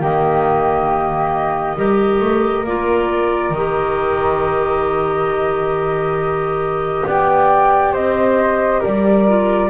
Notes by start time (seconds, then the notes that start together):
0.00 D#3 A#3 G4 D#5
1.76 G3 G4 A#4
2.20 A3
2.63 A#3 F4 D5
3.50 D#3 G4 D#5
7.07 B3 D5 G5
7.93 C4 C5 D#5
8.80 G3 A#4 D5
9.28 F4